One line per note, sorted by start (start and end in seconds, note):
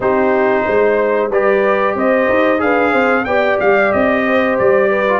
0.00 0.65 C4
0.00 1.31 D#4
0.00 0.65 G4
0.00 1.31 C5
0.65 1.30 G#3
0.65 1.30 C5
1.30 1.95 G3
1.30 2.58 G4
1.30 1.95 B4
1.30 1.97 D5
1.95 2.27 C4
1.95 2.62 C5
1.95 2.61 D#5
2.29 2.61 D#4
2.58 2.93 D4
2.58 3.23 G#4
2.58 2.92 B4
2.58 3.25 F5
2.92 3.26 C4
2.92 3.25 C5
3.25 3.58 B3
3.25 5.07 G4
3.25 4.24 D5
3.25 3.57 G5
3.60 3.93 G3
3.60 3.92 F5
3.92 4.59 C4
3.92 4.57 D#5
4.25 4.89 C5
4.58 5.19 G3
4.58 5.19 D5
4.89 5.19 B4
5.07 5.19 F4